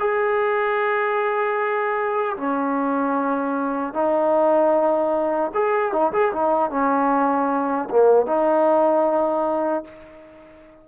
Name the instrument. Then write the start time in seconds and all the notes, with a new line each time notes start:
trombone
0.00 G#4
2.37 C#4
3.94 D#4
5.54 G#4
5.92 D#4
6.13 G#4
6.33 D#4
6.70 C#4
7.90 A#3
8.26 D#4